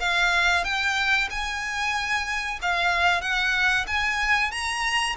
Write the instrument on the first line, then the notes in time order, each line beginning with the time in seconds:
violin
0.00 F5
0.64 G5
1.30 G#5
2.62 F5
3.21 F#5
3.87 G#5
4.51 A#5